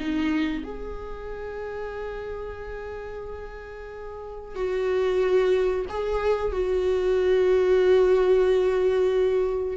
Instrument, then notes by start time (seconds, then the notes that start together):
viola
0.00 D#4
0.64 G#4
4.56 F#4
5.89 G#4
6.52 F#4